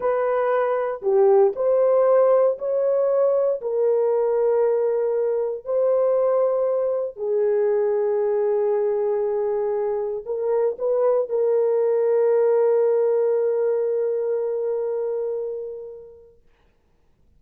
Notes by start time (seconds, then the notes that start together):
0.00 B4
1.01 G4
1.55 C5
2.58 C#5
3.61 A#4
5.64 C5
7.16 G#4
10.25 A#4
10.78 B4
11.29 A#4